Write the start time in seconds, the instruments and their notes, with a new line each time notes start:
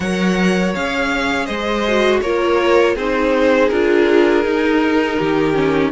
0.00 cello F#3, viola A#4, violin C#5 F#5
0.74 cello C#4, viola G#4, violin F5
1.46 cello G#3, violin C5 D#5
1.87 viola F#4
2.21 cello A#3, viola F4, violin A#4 C#5
2.95 cello C4, viola D#4, violin G#4 C5
3.68 cello D4, viola F4, violin A#4
4.44 cello D#4, viola D#4
5.18 cello D#3, violin G4
5.54 viola C#4